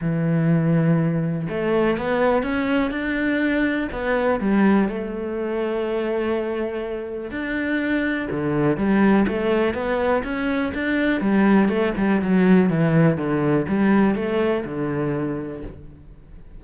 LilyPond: \new Staff \with { instrumentName = "cello" } { \time 4/4 \tempo 4 = 123 e2. a4 | b4 cis'4 d'2 | b4 g4 a2~ | a2. d'4~ |
d'4 d4 g4 a4 | b4 cis'4 d'4 g4 | a8 g8 fis4 e4 d4 | g4 a4 d2 | }